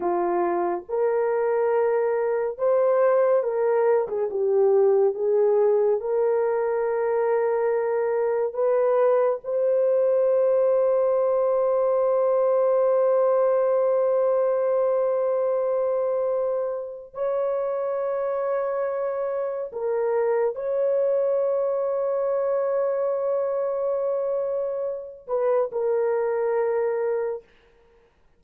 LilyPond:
\new Staff \with { instrumentName = "horn" } { \time 4/4 \tempo 4 = 70 f'4 ais'2 c''4 | ais'8. gis'16 g'4 gis'4 ais'4~ | ais'2 b'4 c''4~ | c''1~ |
c''1 | cis''2. ais'4 | cis''1~ | cis''4. b'8 ais'2 | }